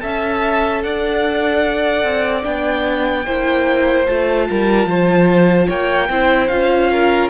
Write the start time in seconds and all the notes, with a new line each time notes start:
0.00 C#4 A4 E5 A5
0.84 D4 D5 F#5
2.04 C4
2.43 B3 D4 G5
3.26 A#3 E4 C5
4.07 A3 F4 A5
4.50 G3 A#4
4.86 F3 C5
5.67 A#3 C#5 G5
6.09 C4 E4 C5
6.48 C#4 F4 F5
6.92 A#4